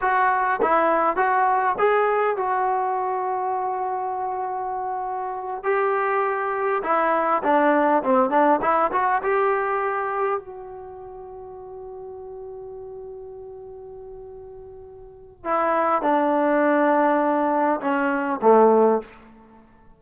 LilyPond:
\new Staff \with { instrumentName = "trombone" } { \time 4/4 \tempo 4 = 101 fis'4 e'4 fis'4 gis'4 | fis'1~ | fis'4. g'2 e'8~ | e'8 d'4 c'8 d'8 e'8 fis'8 g'8~ |
g'4. fis'2~ fis'8~ | fis'1~ | fis'2 e'4 d'4~ | d'2 cis'4 a4 | }